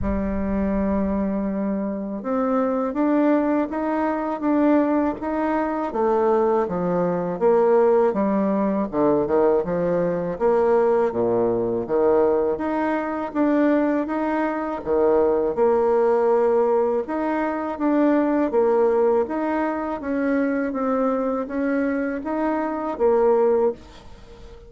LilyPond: \new Staff \with { instrumentName = "bassoon" } { \time 4/4 \tempo 4 = 81 g2. c'4 | d'4 dis'4 d'4 dis'4 | a4 f4 ais4 g4 | d8 dis8 f4 ais4 ais,4 |
dis4 dis'4 d'4 dis'4 | dis4 ais2 dis'4 | d'4 ais4 dis'4 cis'4 | c'4 cis'4 dis'4 ais4 | }